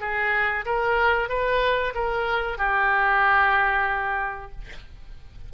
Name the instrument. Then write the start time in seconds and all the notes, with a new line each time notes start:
oboe
0.00 G#4
0.65 A#4
1.29 B4
1.94 A#4
2.58 G4